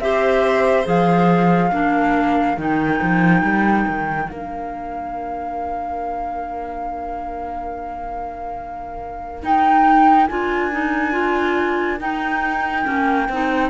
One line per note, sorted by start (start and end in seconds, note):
0.00 0.86 C4
0.00 0.85 G4
0.00 1.71 C5
0.00 0.86 E5
0.85 1.72 F3
0.85 1.71 G#4
0.85 2.60 F5
1.71 2.57 A#3
1.71 2.57 D4
1.71 13.70 A#4
2.57 3.00 D#3
2.57 4.29 D#4
2.57 4.30 G5
3.02 3.42 F3
3.42 3.85 G3
3.88 4.31 D#3
4.29 9.43 A#3
4.29 9.42 D4
4.29 9.44 F5
9.42 10.28 D#4
9.42 10.29 D#4
9.42 10.28 G5
10.28 12.01 D4
10.28 10.72 F4
10.28 11.99 G#5
10.72 11.12 D#4
11.12 11.98 F4
12.00 12.84 D#4
12.00 12.86 D#4
12.00 13.70 G5
12.84 13.29 A#3
12.84 13.27 C#4
13.29 13.70 C4
13.29 13.70 D#4